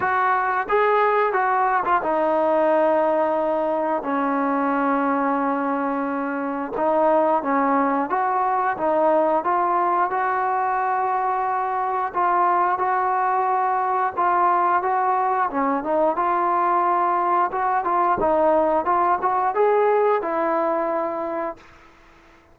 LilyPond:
\new Staff \with { instrumentName = "trombone" } { \time 4/4 \tempo 4 = 89 fis'4 gis'4 fis'8. f'16 dis'4~ | dis'2 cis'2~ | cis'2 dis'4 cis'4 | fis'4 dis'4 f'4 fis'4~ |
fis'2 f'4 fis'4~ | fis'4 f'4 fis'4 cis'8 dis'8 | f'2 fis'8 f'8 dis'4 | f'8 fis'8 gis'4 e'2 | }